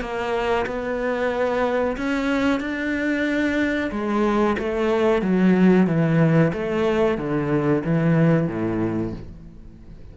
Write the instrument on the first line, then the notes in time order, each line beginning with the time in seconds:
cello
0.00 A#3
0.66 B3
1.97 C#4
2.60 D4
3.91 G#3
4.58 A3
5.21 F#3
5.87 E3
6.53 A3
7.17 D3
7.84 E3
8.47 A2